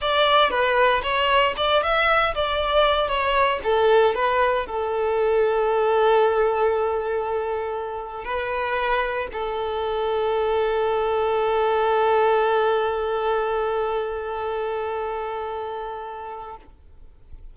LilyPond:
\new Staff \with { instrumentName = "violin" } { \time 4/4 \tempo 4 = 116 d''4 b'4 cis''4 d''8 e''8~ | e''8 d''4. cis''4 a'4 | b'4 a'2.~ | a'1 |
b'2 a'2~ | a'1~ | a'1~ | a'1 | }